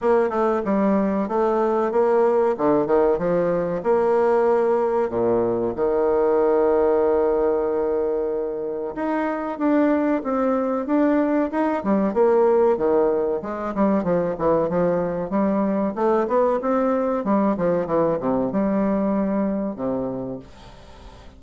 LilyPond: \new Staff \with { instrumentName = "bassoon" } { \time 4/4 \tempo 4 = 94 ais8 a8 g4 a4 ais4 | d8 dis8 f4 ais2 | ais,4 dis2.~ | dis2 dis'4 d'4 |
c'4 d'4 dis'8 g8 ais4 | dis4 gis8 g8 f8 e8 f4 | g4 a8 b8 c'4 g8 f8 | e8 c8 g2 c4 | }